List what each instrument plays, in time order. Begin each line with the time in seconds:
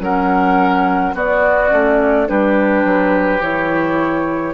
0.00 bassoon F#3, clarinet C#4, oboe A#4, flute F#5
1.14 clarinet B3, bassoon B3, oboe F#4, flute D5
1.70 bassoon A3, clarinet C#4
2.26 bassoon G3, clarinet D4, oboe G4, flute B4
2.84 bassoon F#3
3.41 bassoon E3, clarinet E4, flute C#5